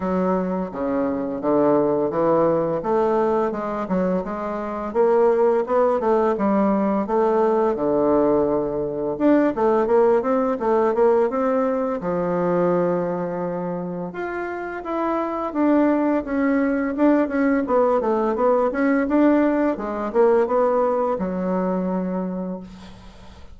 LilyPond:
\new Staff \with { instrumentName = "bassoon" } { \time 4/4 \tempo 4 = 85 fis4 cis4 d4 e4 | a4 gis8 fis8 gis4 ais4 | b8 a8 g4 a4 d4~ | d4 d'8 a8 ais8 c'8 a8 ais8 |
c'4 f2. | f'4 e'4 d'4 cis'4 | d'8 cis'8 b8 a8 b8 cis'8 d'4 | gis8 ais8 b4 fis2 | }